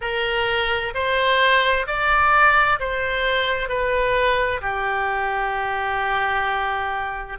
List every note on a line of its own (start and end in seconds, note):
0.01 0.93 A#4
0.94 1.86 C5
1.86 2.79 D5
2.79 3.68 C5
3.68 4.61 B4
4.61 7.38 G4